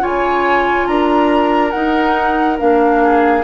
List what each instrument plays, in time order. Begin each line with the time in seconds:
0.00 bassoon C#3, clarinet F4, oboe C#5, flute G#5
0.87 bassoon D4, oboe A#4, flute A#5
1.71 bassoon D#4, clarinet D#4, flute F#5
2.58 bassoon A#3, clarinet D4, flute F5
3.04 oboe G#4